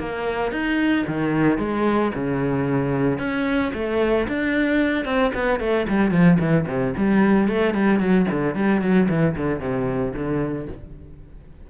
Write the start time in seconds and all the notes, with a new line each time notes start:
0.00 A#3
0.52 D#4
1.07 D#3
1.59 G#3
2.15 C#3
3.19 C#4
3.74 A3
4.29 D4
5.06 C4
5.35 B3
5.60 A3
5.89 G3
6.11 F3
6.40 E3
6.68 C3
6.98 G3
7.49 A3
7.75 G3
8.00 F#3
8.32 D3
8.56 G3
8.82 F#3
9.10 E3
9.37 D3
9.60 C3
10.15 D3